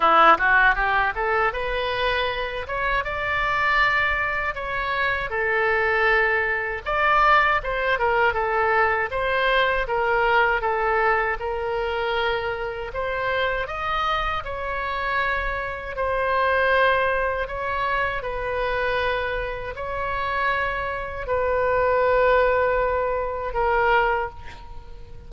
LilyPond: \new Staff \with { instrumentName = "oboe" } { \time 4/4 \tempo 4 = 79 e'8 fis'8 g'8 a'8 b'4. cis''8 | d''2 cis''4 a'4~ | a'4 d''4 c''8 ais'8 a'4 | c''4 ais'4 a'4 ais'4~ |
ais'4 c''4 dis''4 cis''4~ | cis''4 c''2 cis''4 | b'2 cis''2 | b'2. ais'4 | }